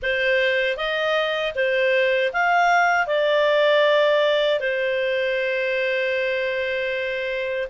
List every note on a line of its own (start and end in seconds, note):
0.02 0.76 C5
0.76 1.53 D#5
1.55 2.31 C5
2.32 3.06 F5
3.06 4.60 D5
4.60 7.67 C5